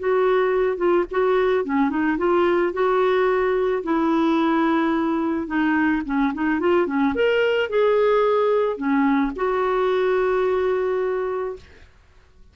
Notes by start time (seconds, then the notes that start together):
0.00 F#4
0.78 F4
1.11 F#4
1.65 C#4
1.90 D#4
2.18 F4
2.73 F#4
3.84 E4
5.47 D#4
6.06 C#4
6.34 D#4
6.60 F4
6.87 C#4
7.15 A#4
7.70 G#4
8.77 C#4
9.36 F#4